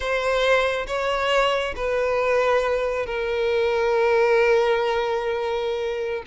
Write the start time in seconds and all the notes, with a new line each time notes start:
0.00 C5
0.87 C#5
1.76 B4
3.06 A#4